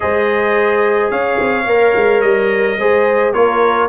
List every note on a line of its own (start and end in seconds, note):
0.00 1.10 G#3
0.00 1.65 G#4
0.00 1.11 C5
0.00 1.11 D#5
1.10 1.38 C#4
1.10 2.78 C#5
1.10 2.21 F5
1.39 1.66 C4
1.66 1.93 A#3
1.66 2.79 A#4
1.95 2.22 G#3
2.21 2.77 G3
2.21 3.32 D#5
2.78 3.33 G#3
2.78 3.33 G#4
2.78 3.33 C5
3.33 3.88 A#3
3.33 3.88 F4
3.33 3.88 A#4
3.33 3.88 C#5